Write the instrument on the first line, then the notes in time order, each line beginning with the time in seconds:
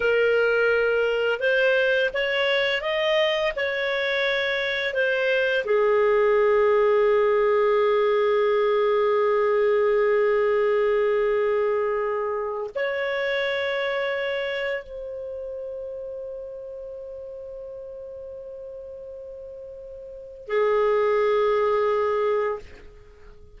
clarinet
0.00 A#4
1.39 C5
2.13 C#5
2.81 D#5
3.56 C#5
4.93 C5
5.64 G#4
12.75 C#5
14.83 C5
20.47 G#4